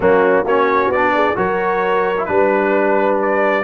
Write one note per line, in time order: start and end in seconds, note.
0.00 0.43 F#3
0.00 0.45 A#3
0.00 0.44 C#4
0.00 0.46 F#4
0.44 0.88 A#3
0.44 0.94 C#4
0.44 1.12 F#4
0.44 0.91 C#5
0.88 1.33 B3
0.88 1.37 D5
0.94 1.35 D4
1.15 1.37 G#4
1.35 2.27 F#3
1.35 2.14 F#4
1.35 2.28 A#4
1.35 2.25 C#5
2.17 2.27 E4
2.25 3.63 G3
2.25 3.63 D4
2.25 3.16 B4
2.25 3.63 B4
3.21 3.63 D5